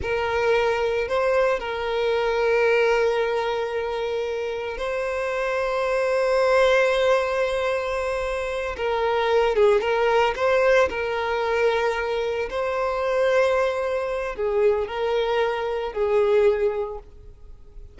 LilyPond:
\new Staff \with { instrumentName = "violin" } { \time 4/4 \tempo 4 = 113 ais'2 c''4 ais'4~ | ais'1~ | ais'4 c''2.~ | c''1~ |
c''8 ais'4. gis'8 ais'4 c''8~ | c''8 ais'2. c''8~ | c''2. gis'4 | ais'2 gis'2 | }